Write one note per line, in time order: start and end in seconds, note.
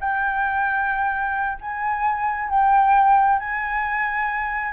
0.00 1.58 G5
1.60 2.49 G#5
2.49 3.39 G5
3.39 4.72 G#5